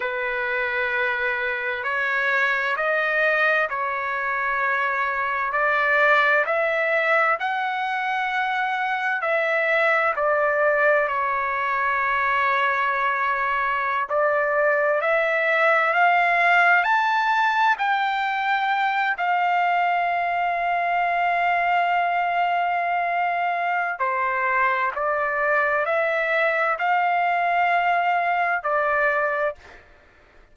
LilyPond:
\new Staff \with { instrumentName = "trumpet" } { \time 4/4 \tempo 4 = 65 b'2 cis''4 dis''4 | cis''2 d''4 e''4 | fis''2 e''4 d''4 | cis''2.~ cis''16 d''8.~ |
d''16 e''4 f''4 a''4 g''8.~ | g''8. f''2.~ f''16~ | f''2 c''4 d''4 | e''4 f''2 d''4 | }